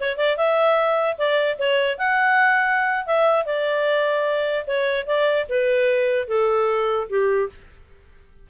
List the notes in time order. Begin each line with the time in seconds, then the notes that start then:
0.00 C#5
0.17 D5
0.37 E5
1.17 D5
1.58 C#5
1.98 F#5
3.06 E5
3.45 D5
4.67 C#5
5.07 D5
5.49 B4
6.28 A4
7.09 G4